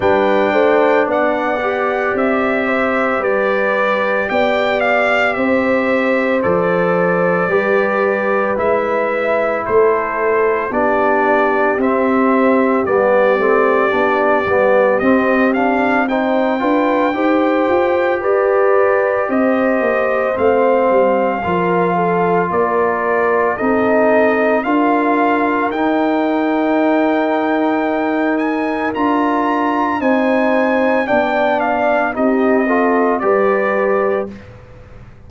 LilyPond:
<<
  \new Staff \with { instrumentName = "trumpet" } { \time 4/4 \tempo 4 = 56 g''4 fis''4 e''4 d''4 | g''8 f''8 e''4 d''2 | e''4 c''4 d''4 e''4 | d''2 dis''8 f''8 g''4~ |
g''4 d''4 dis''4 f''4~ | f''4 d''4 dis''4 f''4 | g''2~ g''8 gis''8 ais''4 | gis''4 g''8 f''8 dis''4 d''4 | }
  \new Staff \with { instrumentName = "horn" } { \time 4/4 b'8 c''8 d''4. c''8 b'4 | d''4 c''2 b'4~ | b'4 a'4 g'2~ | g'2. c''8 b'8 |
c''4 b'4 c''2 | ais'8 a'8 ais'4 a'4 ais'4~ | ais'1 | c''4 d''4 g'8 a'8 b'4 | }
  \new Staff \with { instrumentName = "trombone" } { \time 4/4 d'4. g'2~ g'8~ | g'2 a'4 g'4 | e'2 d'4 c'4 | b8 c'8 d'8 b8 c'8 d'8 dis'8 f'8 |
g'2. c'4 | f'2 dis'4 f'4 | dis'2. f'4 | dis'4 d'4 dis'8 f'8 g'4 | }
  \new Staff \with { instrumentName = "tuba" } { \time 4/4 g8 a8 b4 c'4 g4 | b4 c'4 f4 g4 | gis4 a4 b4 c'4 | g8 a8 b8 g8 c'4. d'8 |
dis'8 f'8 g'4 c'8 ais8 a8 g8 | f4 ais4 c'4 d'4 | dis'2. d'4 | c'4 b4 c'4 g4 | }
>>